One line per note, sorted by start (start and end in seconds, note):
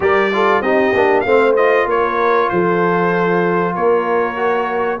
0.00 0.61 G3
0.00 0.31 G4
0.00 0.33 A#4
0.00 0.62 D5
0.32 0.63 F4
0.32 0.62 A4
0.61 0.92 C4
0.61 0.94 D#4
0.61 1.25 G4
0.61 1.20 D#5
0.93 1.24 A#3
0.93 1.26 D4
1.20 1.86 A3
1.20 1.57 C4
1.20 1.88 C5
1.20 1.51 F5
1.56 4.35 F4
1.56 1.87 D#5
1.86 2.48 A#3
1.86 2.52 A#4
1.86 2.49 C#5
2.49 3.76 F3
2.49 3.74 A4
2.49 3.74 C5
3.74 5.00 A#3
3.74 4.99 A#4
3.74 5.00 C#5
4.35 4.98 F#4